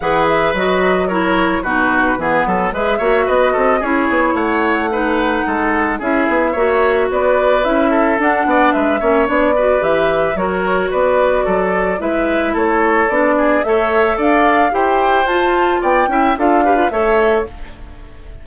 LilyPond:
<<
  \new Staff \with { instrumentName = "flute" } { \time 4/4 \tempo 4 = 110 fis''8 e''8 dis''4 cis''4 b'4~ | b'4 e''4 dis''4 cis''4 | fis''2. e''4~ | e''4 d''4 e''4 fis''4 |
e''4 d''4 e''4 cis''4 | d''2 e''4 cis''4 | d''4 e''4 f''4 g''4 | a''4 g''4 f''4 e''4 | }
  \new Staff \with { instrumentName = "oboe" } { \time 4/4 b'2 ais'4 fis'4 | gis'8 a'8 b'8 cis''8 b'8 a'8 gis'4 | cis''4 b'4 a'4 gis'4 | cis''4 b'4. a'4 d''8 |
b'8 cis''4 b'4. ais'4 | b'4 a'4 b'4 a'4~ | a'8 gis'8 cis''4 d''4 c''4~ | c''4 d''8 e''8 a'8 b'8 cis''4 | }
  \new Staff \with { instrumentName = "clarinet" } { \time 4/4 gis'4 fis'4 e'4 dis'4 | b4 gis'8 fis'4. e'4~ | e'4 dis'2 e'4 | fis'2 e'4 d'4~ |
d'8 cis'8 d'8 fis'8 g'4 fis'4~ | fis'2 e'2 | d'4 a'2 g'4 | f'4. e'8 f'8 g'16 f'16 a'4 | }
  \new Staff \with { instrumentName = "bassoon" } { \time 4/4 e4 fis2 b,4 | e8 fis8 gis8 ais8 b8 c'8 cis'8 b8 | a2 gis4 cis'8 b8 | ais4 b4 cis'4 d'8 b8 |
gis8 ais8 b4 e4 fis4 | b4 fis4 gis4 a4 | b4 a4 d'4 e'4 | f'4 b8 cis'8 d'4 a4 | }
>>